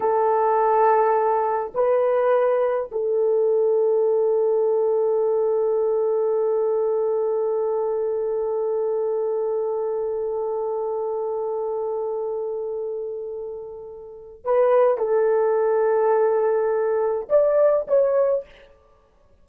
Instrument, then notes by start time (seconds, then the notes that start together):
horn
0.00 A4
1.74 B4
2.91 A4
14.44 B4
14.97 A4
17.29 D5
17.87 C#5